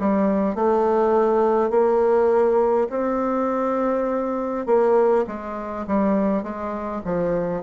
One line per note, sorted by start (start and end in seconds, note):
0.00 0.55 G3
0.55 1.70 A3
1.70 2.88 A#3
2.90 4.66 C4
4.66 5.25 A#3
5.27 5.86 G#3
5.87 6.43 G3
6.43 7.02 G#3
7.04 7.63 F3